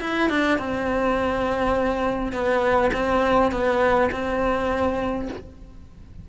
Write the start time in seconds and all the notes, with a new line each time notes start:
0.00 E4
0.29 D4
0.58 C4
2.32 B3
2.93 C4
3.51 B3
4.11 C4